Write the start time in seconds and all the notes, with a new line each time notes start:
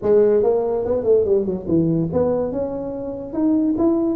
0.02 G#3
0.43 A#3
0.85 B3
1.03 A3
1.24 G3
1.45 F#3
1.67 E3
2.12 B3
2.52 C#4
3.33 D#4
3.78 E4